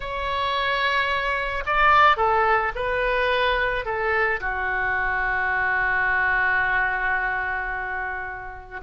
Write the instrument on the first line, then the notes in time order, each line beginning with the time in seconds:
oboe
0.00 C#5
1.66 D5
2.16 A4
2.75 B4
3.85 A4
4.40 F#4